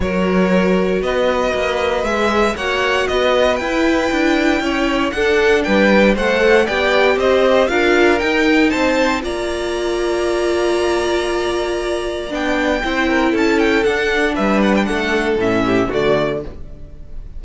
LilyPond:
<<
  \new Staff \with { instrumentName = "violin" } { \time 4/4 \tempo 4 = 117 cis''2 dis''2 | e''4 fis''4 dis''4 g''4~ | g''2 fis''4 g''4 | fis''4 g''4 dis''4 f''4 |
g''4 a''4 ais''2~ | ais''1 | g''2 a''8 g''8 fis''4 | e''8 fis''16 g''16 fis''4 e''4 d''4 | }
  \new Staff \with { instrumentName = "violin" } { \time 4/4 ais'2 b'2~ | b'4 cis''4 b'2~ | b'4 cis''4 a'4 b'4 | c''4 d''4 c''4 ais'4~ |
ais'4 c''4 d''2~ | d''1~ | d''4 c''8 ais'8 a'2 | b'4 a'4. g'8 fis'4 | }
  \new Staff \with { instrumentName = "viola" } { \time 4/4 fis'1 | gis'4 fis'2 e'4~ | e'2 d'2 | a'4 g'2 f'4 |
dis'2 f'2~ | f'1 | d'4 e'2 d'4~ | d'2 cis'4 a4 | }
  \new Staff \with { instrumentName = "cello" } { \time 4/4 fis2 b4 ais4 | gis4 ais4 b4 e'4 | d'4 cis'4 d'4 g4 | a4 b4 c'4 d'4 |
dis'4 c'4 ais2~ | ais1 | b4 c'4 cis'4 d'4 | g4 a4 a,4 d4 | }
>>